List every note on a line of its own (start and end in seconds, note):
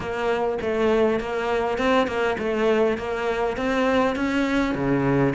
0.00 0.58 A#3
0.61 1.20 A3
1.20 1.77 A#3
1.77 2.07 C4
2.07 2.37 A#3
2.38 2.97 A3
2.97 3.56 A#3
3.56 4.15 C4
4.15 4.74 C#4
4.74 5.34 C#3